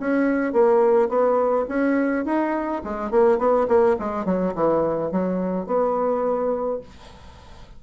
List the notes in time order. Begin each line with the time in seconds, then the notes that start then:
0.00 C#4
0.53 A#3
1.09 B3
1.68 C#4
2.25 D#4
2.84 G#3
3.11 A#3
3.39 B3
3.68 A#3
3.99 G#3
4.25 F#3
4.55 E3
5.12 F#3
5.66 B3